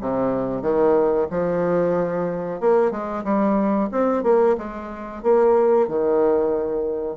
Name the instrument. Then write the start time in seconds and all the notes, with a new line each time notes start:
bassoon
0.00 C3
0.62 D#3
1.30 F3
2.60 A#3
2.91 G#3
3.23 G3
3.91 C4
4.23 A#3
4.57 G#3
5.22 A#3
5.88 D#3